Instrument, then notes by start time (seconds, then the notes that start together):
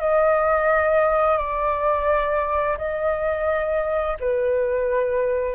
flute
0.00 D#5
1.38 D5
2.78 D#5
4.20 B4